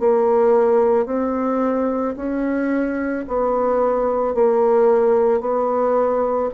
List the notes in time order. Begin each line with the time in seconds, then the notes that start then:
0.00 A#3
1.06 C4
2.17 C#4
3.28 B3
4.35 A#3
5.40 B3